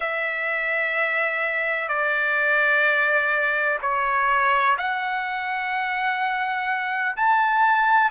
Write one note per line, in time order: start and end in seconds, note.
0.00 1.88 E5
1.88 3.78 D5
3.81 4.76 C#5
4.77 7.16 F#5
7.16 8.10 A5